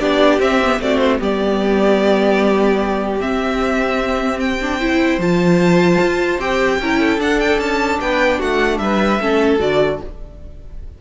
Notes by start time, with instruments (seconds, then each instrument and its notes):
0.00 cello B3, viola D4, violin G4 D5
0.40 cello C4, viola C4, violin E5
0.64 viola B3
0.80 cello A3, viola C4, violin F#4 D5
0.99 violin C5
1.19 cello G3, viola B3, violin G4 D5
3.21 viola C4, cello C4, violin E5
4.40 violin G5
4.62 viola D4
4.79 viola E4, violin C5
5.18 cello F3, viola F4, violin A5
6.01 cello F4
6.39 cello C4, viola G4, violin G5
6.80 cello C#4, viola E4, violin A#4
7.00 violin A4
7.18 cello D4, viola D4, violin F#5
7.40 violin G5
7.60 cello C#4, violin A5
8.01 cello B3, violin B4 G5
8.39 cello A3, violin F#4 F#5
8.79 cello G3, violin B4 E5
9.21 cello A3, viola C#4, violin A4
9.60 cello D3, viola F#4, violin D5